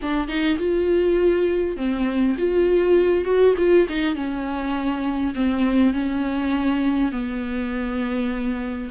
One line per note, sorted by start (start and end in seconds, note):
0.01 0.28 D4
0.28 0.57 D#4
0.58 1.76 F4
1.76 2.36 C4
2.38 3.24 F4
3.24 3.54 F#4
3.57 3.87 F4
3.88 4.14 D#4
4.14 5.33 C#4
5.35 5.93 C4
5.93 7.12 C#4
7.12 8.90 B3